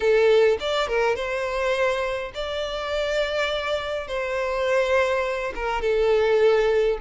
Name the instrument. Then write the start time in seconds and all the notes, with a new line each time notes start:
violin
0.00 A4
0.60 D5
0.87 A#4
1.15 C5
2.34 D5
4.07 C5
5.55 A#4
5.81 A4